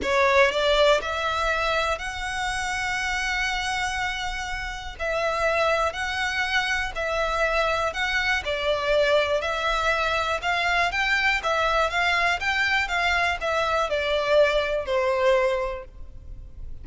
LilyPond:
\new Staff \with { instrumentName = "violin" } { \time 4/4 \tempo 4 = 121 cis''4 d''4 e''2 | fis''1~ | fis''2 e''2 | fis''2 e''2 |
fis''4 d''2 e''4~ | e''4 f''4 g''4 e''4 | f''4 g''4 f''4 e''4 | d''2 c''2 | }